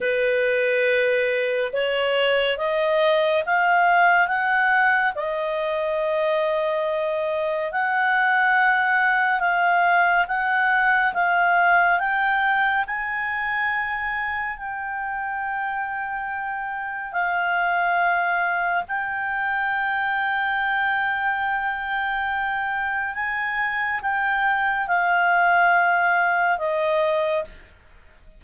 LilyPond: \new Staff \with { instrumentName = "clarinet" } { \time 4/4 \tempo 4 = 70 b'2 cis''4 dis''4 | f''4 fis''4 dis''2~ | dis''4 fis''2 f''4 | fis''4 f''4 g''4 gis''4~ |
gis''4 g''2. | f''2 g''2~ | g''2. gis''4 | g''4 f''2 dis''4 | }